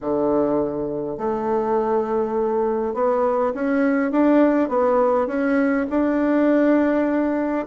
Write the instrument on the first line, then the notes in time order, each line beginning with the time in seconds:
bassoon
0.00 D3
1.17 A3
2.94 B3
3.54 C#4
4.11 D4
4.68 B3
5.27 C#4
5.90 D4